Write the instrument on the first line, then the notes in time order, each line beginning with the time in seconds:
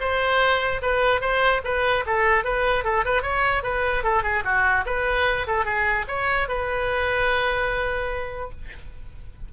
oboe
0.00 C5
0.81 B4
1.21 C5
1.64 B4
2.06 A4
2.44 B4
2.84 A4
3.05 B4
3.22 C#5
3.63 B4
4.03 A4
4.23 G#4
4.44 F#4
4.86 B4
5.47 A4
5.65 G#4
6.08 C#5
6.48 B4